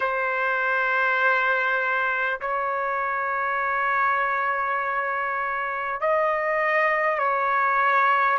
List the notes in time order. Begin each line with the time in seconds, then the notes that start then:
0.00 C5
2.41 C#5
6.00 D#5
7.18 C#5